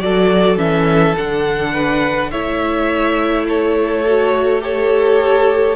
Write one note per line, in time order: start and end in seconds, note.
0.00 0.57 F#3
0.00 0.57 F#4
0.00 1.73 A4
0.00 0.58 D5
0.57 1.15 E3
0.57 1.15 C#4
0.57 1.16 E5
1.18 2.33 D3
1.18 2.32 D4
1.18 2.31 F#5
1.73 2.31 B4
2.31 5.77 A3
2.31 4.06 E4
2.31 3.47 C#5
2.31 3.47 E5
3.49 4.64 A4
3.49 4.62 C#5
4.07 4.62 F#4
4.62 5.77 G4
4.62 5.77 A4
4.62 5.77 C#5